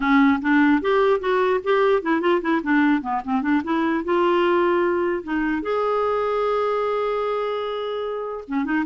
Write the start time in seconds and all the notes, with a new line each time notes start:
0.00 C#4
0.41 D4
0.81 G4
1.20 F#4
1.63 G4
2.02 E4
2.21 F4
2.41 E4
2.63 D4
3.01 B3
3.24 C4
3.42 D4
3.64 E4
4.04 F4
5.23 D#4
5.62 G#4
8.47 C#4
8.64 D#4